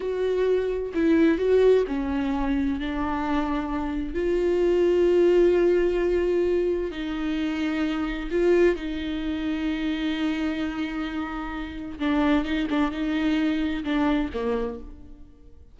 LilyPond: \new Staff \with { instrumentName = "viola" } { \time 4/4 \tempo 4 = 130 fis'2 e'4 fis'4 | cis'2 d'2~ | d'4 f'2.~ | f'2. dis'4~ |
dis'2 f'4 dis'4~ | dis'1~ | dis'2 d'4 dis'8 d'8 | dis'2 d'4 ais4 | }